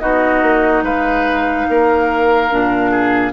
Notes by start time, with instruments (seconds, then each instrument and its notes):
0.00 bassoon B3, clarinet D#4, oboe F#4, flute D#5
0.42 bassoon A#3
0.83 bassoon G#3, oboe B4, flute F5
1.69 bassoon A#3, oboe A#4
2.51 bassoon A#2, clarinet D4
2.91 oboe G#4